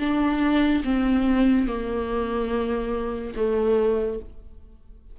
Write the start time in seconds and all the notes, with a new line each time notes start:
0.00 D4
0.84 C4
1.67 A#3
3.36 A3